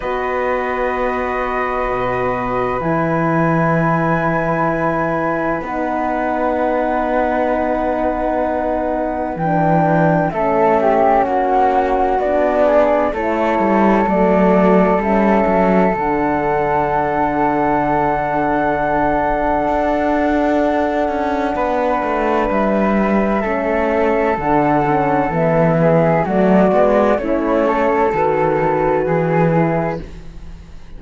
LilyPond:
<<
  \new Staff \with { instrumentName = "flute" } { \time 4/4 \tempo 4 = 64 dis''2. gis''4~ | gis''2 fis''2~ | fis''2 g''4 e''4 | fis''4 d''4 cis''4 d''4 |
e''4 fis''2.~ | fis''1 | e''2 fis''4 e''4 | d''4 cis''4 b'2 | }
  \new Staff \with { instrumentName = "flute" } { \time 4/4 b'1~ | b'1~ | b'2. a'8 g'8 | fis'4. gis'8 a'2~ |
a'1~ | a'2. b'4~ | b'4 a'2~ a'8 gis'8 | fis'4 e'8 a'4. gis'4 | }
  \new Staff \with { instrumentName = "horn" } { \time 4/4 fis'2. e'4~ | e'2 dis'2~ | dis'2 d'4 cis'4~ | cis'4 d'4 e'4 a4 |
cis'4 d'2.~ | d'1~ | d'4 cis'4 d'8 cis'8 b4 | a8 b8 cis'4 fis'4. e'8 | }
  \new Staff \with { instrumentName = "cello" } { \time 4/4 b2 b,4 e4~ | e2 b2~ | b2 e4 a4 | ais4 b4 a8 g8 fis4 |
g8 fis8 d2.~ | d4 d'4. cis'8 b8 a8 | g4 a4 d4 e4 | fis8 gis8 a4 dis4 e4 | }
>>